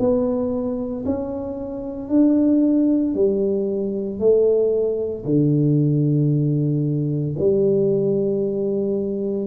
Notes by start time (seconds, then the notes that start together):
0.00 B3
1.06 C#4
2.10 D4
3.15 G3
4.20 A3
5.25 D3
7.39 G3